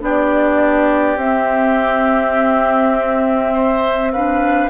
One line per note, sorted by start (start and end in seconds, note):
0.00 1.16 B3
0.00 1.18 D4
0.00 3.53 G4
0.00 1.17 D5
1.16 4.69 C4
1.16 4.13 C4
1.16 4.12 E5
3.53 4.12 C5
4.12 4.70 D4
4.12 4.70 B4
4.12 4.70 F5